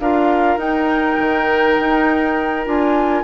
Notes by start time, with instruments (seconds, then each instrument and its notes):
0.00 bassoon D4, clarinet F4, oboe A#4, flute F5
0.57 bassoon D#4, clarinet D#4, flute G5
1.19 bassoon D#3
1.80 bassoon D#4
2.66 bassoon D4, clarinet F4, flute G#5